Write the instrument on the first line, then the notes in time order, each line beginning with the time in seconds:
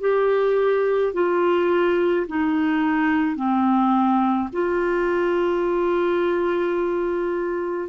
clarinet
0.00 G4
1.13 F4
2.27 D#4
3.36 C4
4.53 F4